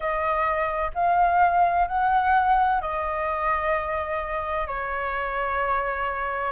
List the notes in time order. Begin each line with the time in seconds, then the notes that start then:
0.00 D#5
0.94 F5
1.87 F#5
2.81 D#5
4.67 C#5